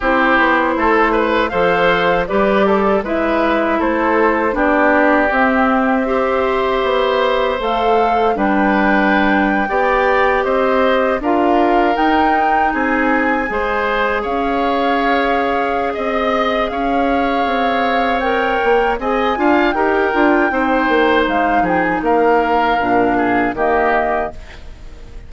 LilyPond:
<<
  \new Staff \with { instrumentName = "flute" } { \time 4/4 \tempo 4 = 79 c''2 f''4 d''4 | e''4 c''4 d''4 e''4~ | e''2 f''4 g''4~ | g''4.~ g''16 dis''4 f''4 g''16~ |
g''8. gis''2 f''4~ f''16~ | f''4 dis''4 f''2 | g''4 gis''4 g''2 | f''8 g''16 gis''16 f''2 dis''4 | }
  \new Staff \with { instrumentName = "oboe" } { \time 4/4 g'4 a'8 b'8 c''4 b'8 a'8 | b'4 a'4 g'2 | c''2. b'4~ | b'8. d''4 c''4 ais'4~ ais'16~ |
ais'8. gis'4 c''4 cis''4~ cis''16~ | cis''4 dis''4 cis''2~ | cis''4 dis''8 f''8 ais'4 c''4~ | c''8 gis'8 ais'4. gis'8 g'4 | }
  \new Staff \with { instrumentName = "clarinet" } { \time 4/4 e'2 a'4 g'4 | e'2 d'4 c'4 | g'2 a'4 d'4~ | d'8. g'2 f'4 dis'16~ |
dis'4.~ dis'16 gis'2~ gis'16~ | gis'1 | ais'4 gis'8 f'8 g'8 f'8 dis'4~ | dis'2 d'4 ais4 | }
  \new Staff \with { instrumentName = "bassoon" } { \time 4/4 c'8 b8 a4 f4 g4 | gis4 a4 b4 c'4~ | c'4 b4 a4 g4~ | g8. b4 c'4 d'4 dis'16~ |
dis'8. c'4 gis4 cis'4~ cis'16~ | cis'4 c'4 cis'4 c'4~ | c'8 ais8 c'8 d'8 dis'8 d'8 c'8 ais8 | gis8 f8 ais4 ais,4 dis4 | }
>>